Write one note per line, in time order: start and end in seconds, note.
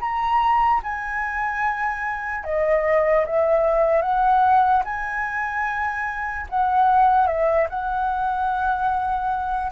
0.00 0.81 A#5
0.83 2.44 G#5
2.44 3.25 D#5
3.25 4.01 E5
4.01 4.82 F#5
4.84 6.46 G#5
6.49 7.26 F#5
7.26 7.67 E5
7.69 9.71 F#5